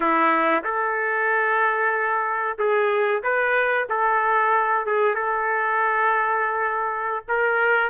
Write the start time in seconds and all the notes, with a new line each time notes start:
0.00 E4
0.64 A4
2.58 G#4
3.23 B4
3.89 A4
4.86 G#4
5.14 A4
7.28 A#4